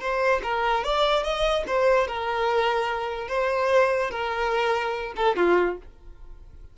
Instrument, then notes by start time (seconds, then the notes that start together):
violin
0.00 C5
0.43 A#4
0.84 D5
1.23 D#5
1.67 C5
2.07 A#4
3.28 C5
4.10 A#4
5.16 A4
5.36 F4